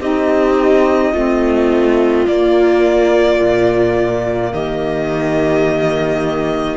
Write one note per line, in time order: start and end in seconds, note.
0.00 1.13 C4
0.00 1.14 D#4
0.00 1.12 G4
0.00 2.27 D#5
1.12 2.27 A3
1.12 2.27 C4
1.12 4.51 F4
2.27 3.40 A#3
2.27 6.77 A#3
2.27 4.53 D5
3.40 4.52 A#2
4.52 6.77 D#3
4.52 6.77 G4
4.52 6.77 D#5